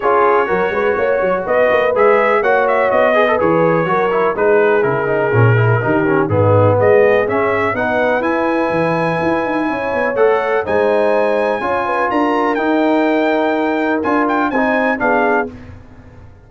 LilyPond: <<
  \new Staff \with { instrumentName = "trumpet" } { \time 4/4 \tempo 4 = 124 cis''2. dis''4 | e''4 fis''8 e''8 dis''4 cis''4~ | cis''4 b'4 ais'2~ | ais'4 gis'4 dis''4 e''4 |
fis''4 gis''2.~ | gis''4 fis''4 gis''2~ | gis''4 ais''4 g''2~ | g''4 gis''8 g''8 gis''4 f''4 | }
  \new Staff \with { instrumentName = "horn" } { \time 4/4 gis'4 ais'8 b'8 cis''4 b'4~ | b'4 cis''4. b'4. | ais'4 gis'2. | g'4 dis'4 gis'2 |
b'1 | cis''2 c''2 | cis''8 b'8 ais'2.~ | ais'2 c''4 gis'4 | }
  \new Staff \with { instrumentName = "trombone" } { \time 4/4 f'4 fis'2. | gis'4 fis'4. gis'16 a'16 gis'4 | fis'8 e'8 dis'4 e'8 dis'8 cis'8 e'8 | dis'8 cis'8 b2 cis'4 |
dis'4 e'2.~ | e'4 a'4 dis'2 | f'2 dis'2~ | dis'4 f'4 dis'4 d'4 | }
  \new Staff \with { instrumentName = "tuba" } { \time 4/4 cis'4 fis8 gis8 ais8 fis8 b8 ais8 | gis4 ais4 b4 e4 | fis4 gis4 cis4 ais,4 | dis4 gis,4 gis4 cis'4 |
b4 e'4 e4 e'8 dis'8 | cis'8 b8 a4 gis2 | cis'4 d'4 dis'2~ | dis'4 d'4 c'4 b4 | }
>>